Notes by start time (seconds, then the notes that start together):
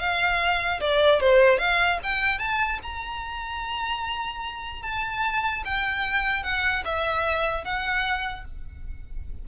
0.00 F5
0.81 D5
1.21 C5
1.59 F5
2.04 G5
2.39 A5
2.83 A#5
4.83 A5
5.65 G5
6.44 F#5
6.85 E5
7.65 F#5